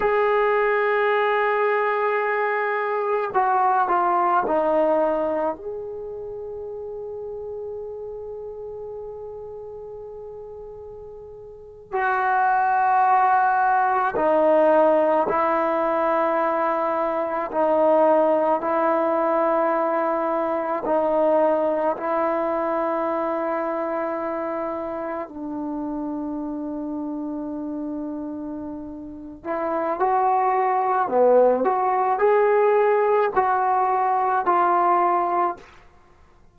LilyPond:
\new Staff \with { instrumentName = "trombone" } { \time 4/4 \tempo 4 = 54 gis'2. fis'8 f'8 | dis'4 gis'2.~ | gis'2~ gis'8. fis'4~ fis'16~ | fis'8. dis'4 e'2 dis'16~ |
dis'8. e'2 dis'4 e'16~ | e'2~ e'8. d'4~ d'16~ | d'2~ d'8 e'8 fis'4 | b8 fis'8 gis'4 fis'4 f'4 | }